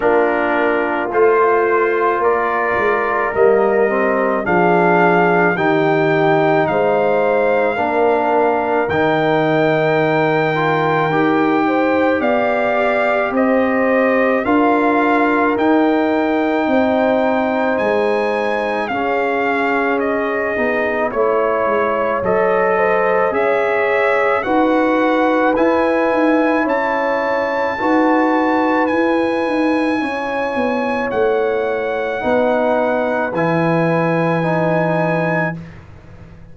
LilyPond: <<
  \new Staff \with { instrumentName = "trumpet" } { \time 4/4 \tempo 4 = 54 ais'4 c''4 d''4 dis''4 | f''4 g''4 f''2 | g''2. f''4 | dis''4 f''4 g''2 |
gis''4 f''4 dis''4 cis''4 | dis''4 e''4 fis''4 gis''4 | a''2 gis''2 | fis''2 gis''2 | }
  \new Staff \with { instrumentName = "horn" } { \time 4/4 f'2 ais'2 | gis'4 g'4 c''4 ais'4~ | ais'2~ ais'8 c''8 d''4 | c''4 ais'2 c''4~ |
c''4 gis'2 cis''4~ | cis''8 c''8 cis''4 b'2 | cis''4 b'2 cis''4~ | cis''4 b'2. | }
  \new Staff \with { instrumentName = "trombone" } { \time 4/4 d'4 f'2 ais8 c'8 | d'4 dis'2 d'4 | dis'4. f'8 g'2~ | g'4 f'4 dis'2~ |
dis'4 cis'4. dis'8 e'4 | a'4 gis'4 fis'4 e'4~ | e'4 fis'4 e'2~ | e'4 dis'4 e'4 dis'4 | }
  \new Staff \with { instrumentName = "tuba" } { \time 4/4 ais4 a4 ais8 gis8 g4 | f4 dis4 gis4 ais4 | dis2 dis'4 b4 | c'4 d'4 dis'4 c'4 |
gis4 cis'4. b8 a8 gis8 | fis4 cis'4 dis'4 e'8 dis'8 | cis'4 dis'4 e'8 dis'8 cis'8 b8 | a4 b4 e2 | }
>>